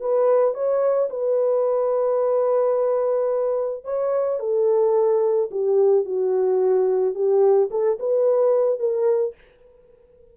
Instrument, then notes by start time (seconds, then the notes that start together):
horn
0.00 B4
0.54 C#5
1.10 B4
3.84 C#5
4.39 A4
5.51 G4
6.05 F#4
7.14 G4
7.70 A4
7.99 B4
8.79 A#4